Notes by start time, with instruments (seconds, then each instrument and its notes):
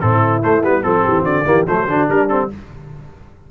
0.00 tuba A2, trombone C4, horn E4, trumpet A4
0.42 trombone A3, tuba A3, trumpet C5
0.63 tuba G3, trombone B3, trumpet B4
0.82 tuba F3, trombone C4, trumpet A4, horn A4
1.03 tuba E3, horn G4
1.21 tuba D3, horn F#4, trumpet D5
1.45 tuba E3, trombone A#3, horn G4
1.67 tuba F#3, trombone A3, horn A4, trumpet C5
1.87 tuba D3, trombone D4, horn F#4
2.07 tuba G3, horn D4, trumpet A#4
2.28 trombone C4, trumpet A4